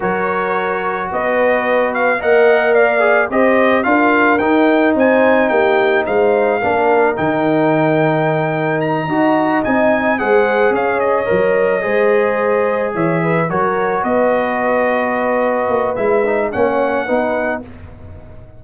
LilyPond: <<
  \new Staff \with { instrumentName = "trumpet" } { \time 4/4 \tempo 4 = 109 cis''2 dis''4. f''8 | fis''4 f''4 dis''4 f''4 | g''4 gis''4 g''4 f''4~ | f''4 g''2. |
ais''4. gis''4 fis''4 f''8 | dis''2.~ dis''8 e''8~ | e''8 cis''4 dis''2~ dis''8~ | dis''4 e''4 fis''2 | }
  \new Staff \with { instrumentName = "horn" } { \time 4/4 ais'2 b'2 | dis''4 d''4 c''4 ais'4~ | ais'4 c''4 g'4 c''4 | ais'1~ |
ais'8 dis''2 c''4 cis''8~ | cis''4. c''2 cis''8 | b'8 ais'4 b'2~ b'8~ | b'2 cis''4 b'4 | }
  \new Staff \with { instrumentName = "trombone" } { \time 4/4 fis'1 | ais'4. gis'8 g'4 f'4 | dis'1 | d'4 dis'2.~ |
dis'8 fis'4 dis'4 gis'4.~ | gis'8 ais'4 gis'2~ gis'8~ | gis'8 fis'2.~ fis'8~ | fis'4 e'8 dis'8 cis'4 dis'4 | }
  \new Staff \with { instrumentName = "tuba" } { \time 4/4 fis2 b2 | ais2 c'4 d'4 | dis'4 c'4 ais4 gis4 | ais4 dis2.~ |
dis8 dis'4 c'4 gis4 cis'8~ | cis'8 fis4 gis2 e8~ | e8 fis4 b2~ b8~ | b8 ais8 gis4 ais4 b4 | }
>>